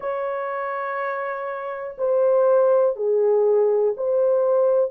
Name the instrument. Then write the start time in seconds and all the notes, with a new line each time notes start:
horn
0.00 C#5
1.98 C5
2.96 G#4
3.96 C5